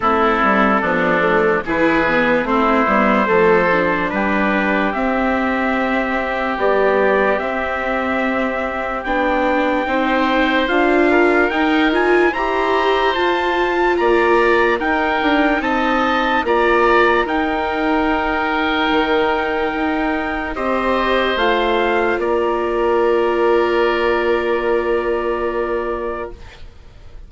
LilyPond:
<<
  \new Staff \with { instrumentName = "trumpet" } { \time 4/4 \tempo 4 = 73 a'2 b'4 c''4~ | c''4 b'4 e''2 | d''4 e''2 g''4~ | g''4 f''4 g''8 gis''8 ais''4 |
a''4 ais''4 g''4 a''4 | ais''4 g''2.~ | g''4 dis''4 f''4 d''4~ | d''1 | }
  \new Staff \with { instrumentName = "oboe" } { \time 4/4 e'4 d'4 gis'4 e'4 | a'4 g'2.~ | g'1 | c''4. ais'4. c''4~ |
c''4 d''4 ais'4 dis''4 | d''4 ais'2.~ | ais'4 c''2 ais'4~ | ais'1 | }
  \new Staff \with { instrumentName = "viola" } { \time 4/4 c'4 b8 a8 e'8 b8 c'8 b8 | a8 d'4. c'2 | g4 c'2 d'4 | dis'4 f'4 dis'8 f'8 g'4 |
f'2 dis'2 | f'4 dis'2.~ | dis'4 g'4 f'2~ | f'1 | }
  \new Staff \with { instrumentName = "bassoon" } { \time 4/4 a8 g8 f4 e4 a8 g8 | f4 g4 c'2 | b4 c'2 b4 | c'4 d'4 dis'4 e'4 |
f'4 ais4 dis'8 d'8 c'4 | ais4 dis'2 dis4 | dis'4 c'4 a4 ais4~ | ais1 | }
>>